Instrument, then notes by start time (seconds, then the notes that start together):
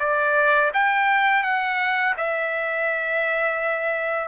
trumpet
0.00 D5
0.74 G5
1.43 F#5
2.17 E5